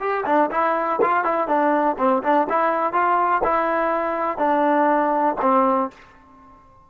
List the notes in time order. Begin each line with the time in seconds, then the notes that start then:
0.00 G4
0.26 D4
0.51 E4
1.02 F4
1.24 E4
1.47 D4
1.98 C4
2.22 D4
2.49 E4
2.93 F4
3.43 E4
4.37 D4
5.41 C4